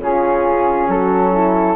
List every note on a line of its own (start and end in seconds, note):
0.00 0.88 C#3
0.00 1.76 C#4
0.00 0.91 F4
0.00 0.91 G#4
0.88 1.76 F#3
0.88 1.34 F#4
0.88 1.76 A4
1.34 1.76 E4